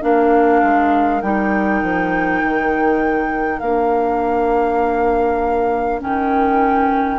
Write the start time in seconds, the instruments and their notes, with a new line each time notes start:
0.00 bassoon A#3, clarinet D4, oboe A#4, flute F5
0.62 bassoon G#3
1.21 bassoon G3, clarinet D#4, flute G5
1.82 bassoon F3
2.42 bassoon D#3
3.59 bassoon A#3, clarinet D4, flute F5
6.00 bassoon D#3, clarinet C#4, flute G5